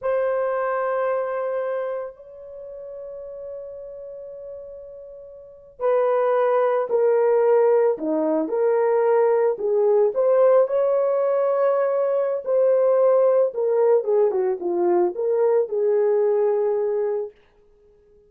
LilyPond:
\new Staff \with { instrumentName = "horn" } { \time 4/4 \tempo 4 = 111 c''1 | cis''1~ | cis''2~ cis''8. b'4~ b'16~ | b'8. ais'2 dis'4 ais'16~ |
ais'4.~ ais'16 gis'4 c''4 cis''16~ | cis''2. c''4~ | c''4 ais'4 gis'8 fis'8 f'4 | ais'4 gis'2. | }